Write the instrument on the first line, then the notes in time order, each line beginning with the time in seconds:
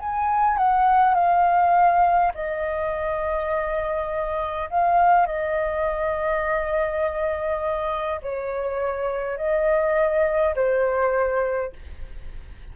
flute
0.00 G#5
0.58 F#5
1.15 F5
2.35 D#5
4.70 F5
5.27 D#5
8.22 C#5
9.37 D#5
10.56 C5